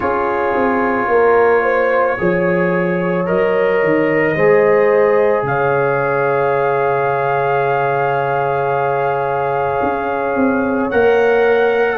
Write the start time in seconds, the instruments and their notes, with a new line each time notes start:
0.00 tuba C#4, trombone F4, horn G#4, trumpet C#5
0.54 tuba C4
1.07 tuba A#3, horn A#4
1.62 horn C5
2.18 tuba F3, trombone G#4, horn C#5
3.26 tuba F#3, trombone A#4, trumpet D#5
3.83 tuba D#3
4.35 tuba G#3, trombone G#4, horn C5
5.42 tuba C#3, horn C#5, trumpet F5
9.82 tuba C#4
10.35 tuba C4
10.90 tuba A#3, trombone A#4, trumpet F#5